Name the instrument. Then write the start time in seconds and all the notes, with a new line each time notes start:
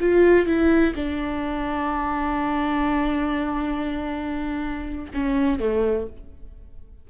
viola
0.00 F4
0.46 E4
0.95 D4
5.14 C#4
5.59 A3